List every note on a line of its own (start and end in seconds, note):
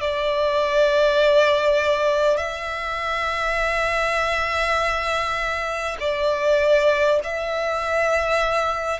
0.00 2.37 D5
2.37 5.97 E5
6.00 7.20 D5
7.23 8.99 E5